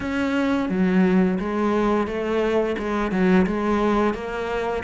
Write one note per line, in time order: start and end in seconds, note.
0.00 0.69 C#4
0.69 1.38 F#3
1.39 2.07 G#3
2.07 2.76 A3
2.78 3.11 G#3
3.11 3.46 F#3
3.46 4.14 G#3
4.14 4.83 A#3